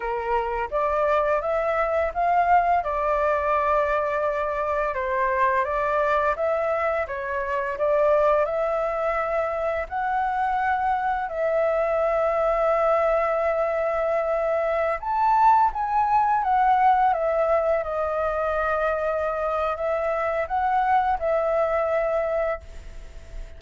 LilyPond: \new Staff \with { instrumentName = "flute" } { \time 4/4 \tempo 4 = 85 ais'4 d''4 e''4 f''4 | d''2. c''4 | d''4 e''4 cis''4 d''4 | e''2 fis''2 |
e''1~ | e''4~ e''16 a''4 gis''4 fis''8.~ | fis''16 e''4 dis''2~ dis''8. | e''4 fis''4 e''2 | }